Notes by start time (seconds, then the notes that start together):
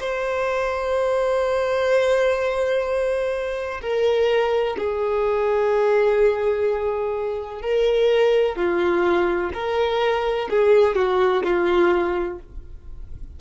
0.00 C5
3.82 A#4
4.77 G#4
7.61 A#4
8.56 F4
9.54 A#4
10.50 G#4
10.96 F#4
11.44 F4